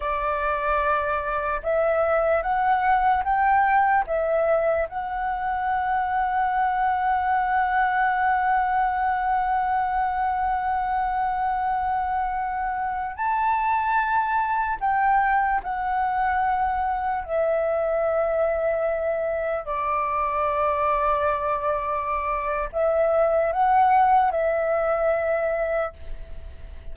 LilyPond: \new Staff \with { instrumentName = "flute" } { \time 4/4 \tempo 4 = 74 d''2 e''4 fis''4 | g''4 e''4 fis''2~ | fis''1~ | fis''1~ |
fis''16 a''2 g''4 fis''8.~ | fis''4~ fis''16 e''2~ e''8.~ | e''16 d''2.~ d''8. | e''4 fis''4 e''2 | }